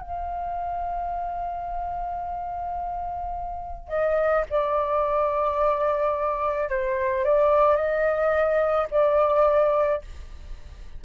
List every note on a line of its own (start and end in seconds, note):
0.00 3.88 F5
3.88 4.43 D#5
4.49 6.69 D5
6.69 7.24 C5
7.24 7.76 D5
7.76 8.87 D#5
8.90 10.02 D5